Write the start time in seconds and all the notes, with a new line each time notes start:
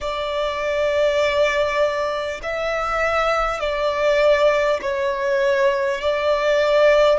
0.01 D5
2.42 E5
3.60 D5
4.81 C#5
6.01 D5